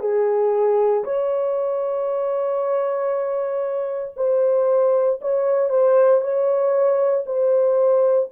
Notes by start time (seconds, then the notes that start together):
0.00 G#4
1.04 C#5
4.16 C5
5.21 C#5
5.69 C5
6.21 C#5
7.26 C5